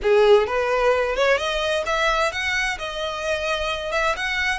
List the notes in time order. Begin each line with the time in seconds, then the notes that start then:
0.02 G#4
0.46 B4
1.16 C#5
1.37 D#5
1.85 E5
2.32 F#5
2.78 D#5
3.91 E5
4.16 F#5